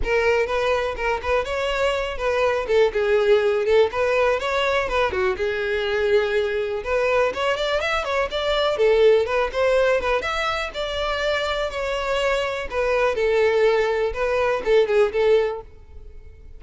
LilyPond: \new Staff \with { instrumentName = "violin" } { \time 4/4 \tempo 4 = 123 ais'4 b'4 ais'8 b'8 cis''4~ | cis''8 b'4 a'8 gis'4. a'8 | b'4 cis''4 b'8 fis'8 gis'4~ | gis'2 b'4 cis''8 d''8 |
e''8 cis''8 d''4 a'4 b'8 c''8~ | c''8 b'8 e''4 d''2 | cis''2 b'4 a'4~ | a'4 b'4 a'8 gis'8 a'4 | }